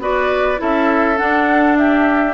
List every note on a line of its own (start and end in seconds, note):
0.00 0.59 B3
0.00 0.57 F#4
0.00 0.61 B4
0.00 0.61 D5
0.57 1.20 C#4
0.57 1.16 E4
0.57 1.79 A4
0.57 1.18 E5
1.17 2.34 D4
1.17 1.77 F#5
1.77 2.34 G4
1.77 2.34 E5